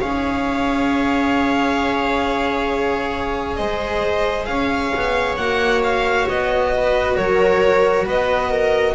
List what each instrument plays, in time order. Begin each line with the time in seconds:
0.00 double bass C#4, cello G#4, viola C#5, violin F5
3.56 double bass G#3, viola C5, violin D#5
4.45 double bass C#4, viola C#5, violin F5
4.95 double bass B3
5.37 double bass A#3, cello F#4, violin F#5
5.83 violin F5
6.27 double bass B3, violin D#5
6.76 viola B4
7.16 double bass F#3, viola A#4, violin C#5
8.06 double bass B3, viola B4, violin D#5
8.50 viola A#4